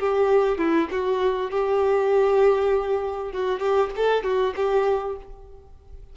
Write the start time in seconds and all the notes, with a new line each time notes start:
0.00 G4
0.58 E4
0.91 F#4
1.51 G4
3.33 F#4
3.60 G4
3.97 A4
4.24 F#4
4.56 G4